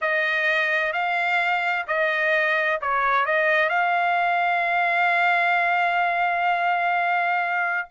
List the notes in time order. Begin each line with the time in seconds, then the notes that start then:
0.01 D#5
0.92 F5
1.87 D#5
2.81 C#5
3.25 D#5
3.69 F5